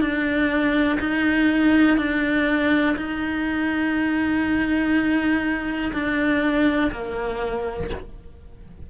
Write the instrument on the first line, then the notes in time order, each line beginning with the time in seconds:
cello
0.00 D4
1.00 D#4
1.97 D4
2.96 D#4
5.92 D4
6.92 A#3